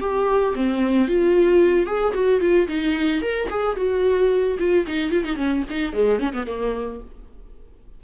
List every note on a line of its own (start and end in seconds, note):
0.00 0.54 G4
0.55 1.08 C4
1.08 1.86 F4
1.86 2.13 G#4
2.14 2.40 F#4
2.40 2.67 F4
2.68 3.21 D#4
3.21 3.48 A#4
3.50 3.76 G#4
3.76 4.57 F#4
4.59 4.86 F4
4.86 5.11 D#4
5.11 5.24 F4
5.24 5.36 D#4
5.36 5.63 C#4
5.70 5.93 D#4
5.93 6.19 G#3
6.19 6.33 C#4
6.33 6.46 B3
6.47 7.01 A#3